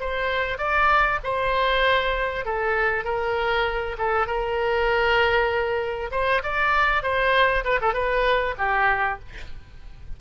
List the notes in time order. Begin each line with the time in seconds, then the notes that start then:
0.00 C5
0.58 D5
1.24 C5
2.45 A4
3.04 A#4
3.98 A4
4.27 A#4
6.11 C5
6.43 D5
7.03 C5
7.64 B4
7.81 A4
7.94 B4
8.58 G4